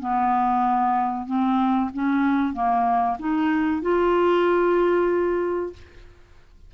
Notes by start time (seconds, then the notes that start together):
0.00 B3
1.27 C4
1.94 C#4
2.54 A#3
3.19 D#4
3.82 F4